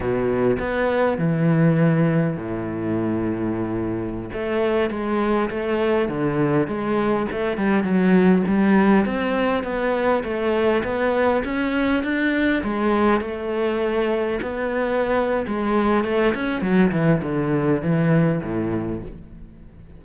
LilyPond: \new Staff \with { instrumentName = "cello" } { \time 4/4 \tempo 4 = 101 b,4 b4 e2 | a,2.~ a,16 a8.~ | a16 gis4 a4 d4 gis8.~ | gis16 a8 g8 fis4 g4 c'8.~ |
c'16 b4 a4 b4 cis'8.~ | cis'16 d'4 gis4 a4.~ a16~ | a16 b4.~ b16 gis4 a8 cis'8 | fis8 e8 d4 e4 a,4 | }